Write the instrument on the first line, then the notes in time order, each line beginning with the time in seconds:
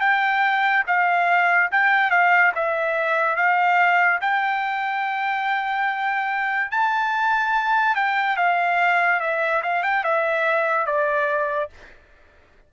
trumpet
0.00 G5
0.87 F5
1.71 G5
2.11 F5
2.55 E5
3.36 F5
4.21 G5
6.71 A5
7.95 G5
8.37 F5
9.20 E5
9.62 F5
9.83 G5
10.04 E5
10.86 D5